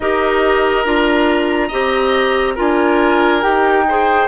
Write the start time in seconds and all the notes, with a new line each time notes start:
0.00 D#4 G4 A#4 D#5
0.85 D4 F4 A#5
1.68 C4 G4 D#5
2.55 D4 F4 A#4 G#5
3.41 D#4 G4 G5
3.87 G#4 C5